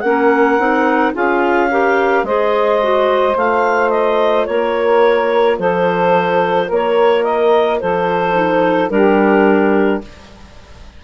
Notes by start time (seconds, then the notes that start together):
0.00 A#3 C#4 A#4 F#5
0.58 C4 D#4
1.12 C#4 F4 G#4 F5
1.70 G4 A#4
2.23 G#3 G#4 C5 D#5
2.82 F#4
3.33 A3 F4 F5
3.90 D#5
4.45 A#3 A#4 C#5
5.58 F3 A4 C5
6.66 A#3 A#4
6.73 C#5
7.24 D#5
7.79 F3 A4 C5
8.32 D#4
8.90 G3 D4 G4 A#4